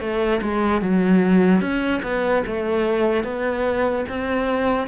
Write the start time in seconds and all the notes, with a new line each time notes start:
0.00 A3
0.42 G#3
0.81 F#3
1.61 C#4
2.03 B3
2.47 A3
3.24 B3
4.09 C4